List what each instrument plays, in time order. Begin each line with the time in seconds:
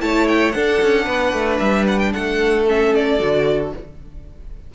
0.00 cello A3, viola E4, violin C#5 A5
0.28 violin G5
0.52 viola D4, cello D4, violin A4 F#5
0.82 cello C#4
1.05 cello B3, violin B4
1.33 cello A3
1.59 cello G3, violin E5
1.87 violin F#5
1.99 violin G5
2.13 cello A3, violin A4 F#5
2.67 viola C#4, violin E5
2.95 violin D5
3.19 cello D3, viola F#4